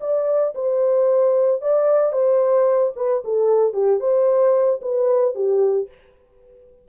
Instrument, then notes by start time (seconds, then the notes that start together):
horn
0.00 D5
0.54 C5
1.61 D5
2.12 C5
2.96 B4
3.24 A4
3.73 G4
4.00 C5
4.81 B4
5.34 G4